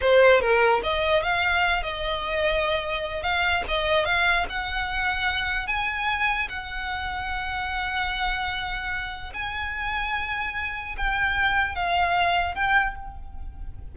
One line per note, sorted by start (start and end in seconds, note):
0.01 0.40 C5
0.40 0.81 A#4
0.83 1.23 D#5
1.23 1.82 F5
1.82 3.22 D#5
3.22 3.63 F5
3.68 4.05 D#5
4.05 4.45 F5
4.49 5.67 F#5
5.67 6.48 G#5
6.49 9.32 F#5
9.33 10.95 G#5
10.97 11.75 G5
11.75 12.54 F5
12.54 12.95 G5